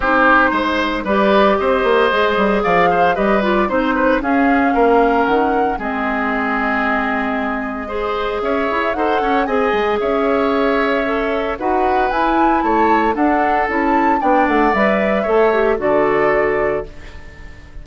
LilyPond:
<<
  \new Staff \with { instrumentName = "flute" } { \time 4/4 \tempo 4 = 114 c''2 d''4 dis''4~ | dis''4 f''4 dis''8 d''8 c''4 | f''2 fis''4 dis''4~ | dis''1 |
e''4 fis''4 gis''4 e''4~ | e''2 fis''4 gis''4 | a''4 fis''4 a''4 g''8 fis''8 | e''2 d''2 | }
  \new Staff \with { instrumentName = "oboe" } { \time 4/4 g'4 c''4 b'4 c''4~ | c''4 d''8 c''8 b'4 c''8 b'8 | gis'4 ais'2 gis'4~ | gis'2. c''4 |
cis''4 c''8 cis''8 dis''4 cis''4~ | cis''2 b'2 | cis''4 a'2 d''4~ | d''4 cis''4 a'2 | }
  \new Staff \with { instrumentName = "clarinet" } { \time 4/4 dis'2 g'2 | gis'2 g'8 f'8 dis'4 | cis'2. c'4~ | c'2. gis'4~ |
gis'4 a'4 gis'2~ | gis'4 a'4 fis'4 e'4~ | e'4 d'4 e'4 d'4 | b'4 a'8 g'8 fis'2 | }
  \new Staff \with { instrumentName = "bassoon" } { \time 4/4 c'4 gis4 g4 c'8 ais8 | gis8 g8 f4 g4 c'4 | cis'4 ais4 dis4 gis4~ | gis1 |
cis'8 e'8 dis'8 cis'8 c'8 gis8 cis'4~ | cis'2 dis'4 e'4 | a4 d'4 cis'4 b8 a8 | g4 a4 d2 | }
>>